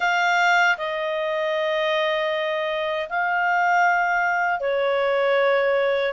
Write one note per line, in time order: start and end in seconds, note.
0.00 0.76 F5
0.77 3.08 D#5
3.09 4.60 F5
4.60 6.13 C#5